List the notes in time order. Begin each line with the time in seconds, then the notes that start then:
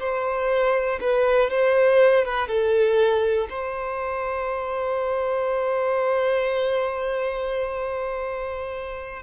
0.00 C5
1.01 B4
1.51 C5
2.26 B4
2.48 A4
3.50 C5